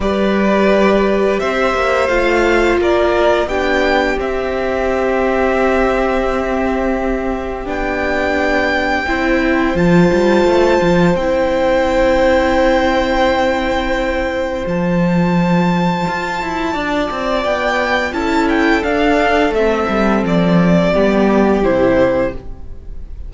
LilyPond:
<<
  \new Staff \with { instrumentName = "violin" } { \time 4/4 \tempo 4 = 86 d''2 e''4 f''4 | d''4 g''4 e''2~ | e''2. g''4~ | g''2 a''2 |
g''1~ | g''4 a''2.~ | a''4 g''4 a''8 g''8 f''4 | e''4 d''2 c''4 | }
  \new Staff \with { instrumentName = "violin" } { \time 4/4 b'2 c''2 | ais'4 g'2.~ | g'1~ | g'4 c''2.~ |
c''1~ | c''1 | d''2 a'2~ | a'2 g'2 | }
  \new Staff \with { instrumentName = "viola" } { \time 4/4 g'2. f'4~ | f'4 d'4 c'2~ | c'2. d'4~ | d'4 e'4 f'2 |
e'1~ | e'4 f'2.~ | f'2 e'4 d'4 | c'2 b4 e'4 | }
  \new Staff \with { instrumentName = "cello" } { \time 4/4 g2 c'8 ais8 a4 | ais4 b4 c'2~ | c'2. b4~ | b4 c'4 f8 g8 a8 f8 |
c'1~ | c'4 f2 f'8 e'8 | d'8 c'8 b4 cis'4 d'4 | a8 g8 f4 g4 c4 | }
>>